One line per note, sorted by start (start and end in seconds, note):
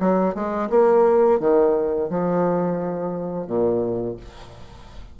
0.00 0.35 F#3
0.35 0.69 G#3
0.70 1.40 A#3
1.40 2.10 D#3
2.10 3.47 F3
3.47 4.17 A#2